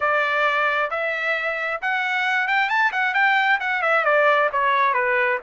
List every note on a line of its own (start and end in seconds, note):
0.00 0.90 D5
0.90 1.80 E5
1.81 2.47 F#5
2.47 2.69 G5
2.69 2.91 A5
2.92 3.14 F#5
3.14 3.59 G5
3.60 3.82 F#5
3.82 4.04 E5
4.04 4.49 D5
4.52 4.93 C#5
4.93 5.38 B4